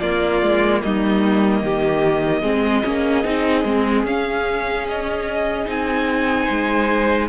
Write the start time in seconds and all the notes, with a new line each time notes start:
0.00 A#3 F4 D5
0.42 G#3
0.82 G3 D#4 D#5
1.62 D#3 G4
2.42 G#3 C4 G#4
2.84 A#3 C#4
3.24 C4 D#4
3.64 G#3 C4
4.03 C#4 F5
4.89 D#5
5.66 C4 D#4 G#5
6.44 G#3 C5